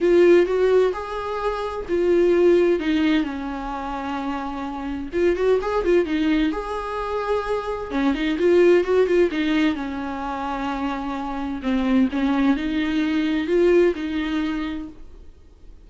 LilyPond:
\new Staff \with { instrumentName = "viola" } { \time 4/4 \tempo 4 = 129 f'4 fis'4 gis'2 | f'2 dis'4 cis'4~ | cis'2. f'8 fis'8 | gis'8 f'8 dis'4 gis'2~ |
gis'4 cis'8 dis'8 f'4 fis'8 f'8 | dis'4 cis'2.~ | cis'4 c'4 cis'4 dis'4~ | dis'4 f'4 dis'2 | }